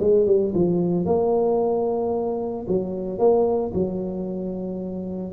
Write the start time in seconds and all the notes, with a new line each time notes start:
0.00 G#3
0.27 G3
0.55 F3
1.06 A#3
2.68 F#3
3.19 A#3
3.74 F#3